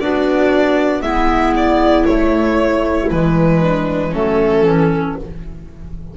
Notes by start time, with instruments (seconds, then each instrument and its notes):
0.00 double bass B3, clarinet D4, viola F#4, violin D5
1.02 double bass G#3, clarinet B3, viola E4, violin E5
1.57 violin D5
2.06 clarinet A3, double bass A3, violin C#5
3.11 double bass E3, clarinet G#3, violin B4
3.62 viola D4
4.10 double bass F#3, clarinet A3, viola C#4, violin A4
4.64 double bass E3, clarinet C#4